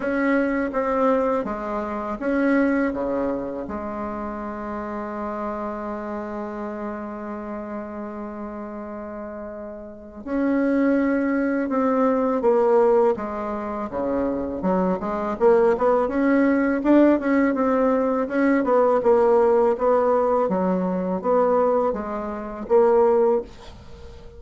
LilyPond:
\new Staff \with { instrumentName = "bassoon" } { \time 4/4 \tempo 4 = 82 cis'4 c'4 gis4 cis'4 | cis4 gis2.~ | gis1~ | gis2 cis'2 |
c'4 ais4 gis4 cis4 | fis8 gis8 ais8 b8 cis'4 d'8 cis'8 | c'4 cis'8 b8 ais4 b4 | fis4 b4 gis4 ais4 | }